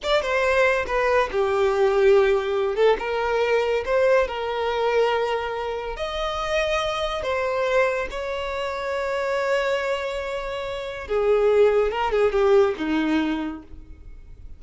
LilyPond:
\new Staff \with { instrumentName = "violin" } { \time 4/4 \tempo 4 = 141 d''8 c''4. b'4 g'4~ | g'2~ g'8 a'8 ais'4~ | ais'4 c''4 ais'2~ | ais'2 dis''2~ |
dis''4 c''2 cis''4~ | cis''1~ | cis''2 gis'2 | ais'8 gis'8 g'4 dis'2 | }